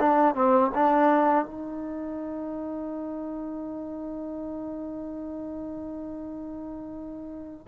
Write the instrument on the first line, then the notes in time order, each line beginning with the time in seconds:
trombone
0.00 D4
0.35 C4
0.75 D4
1.45 D#4